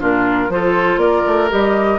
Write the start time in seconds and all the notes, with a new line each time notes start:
0.00 A#2 D4 F4 A#4
0.49 F3 F4 A4 C5
0.97 A#3 A#4 D5
1.27 A3
1.49 G3 G4 D#5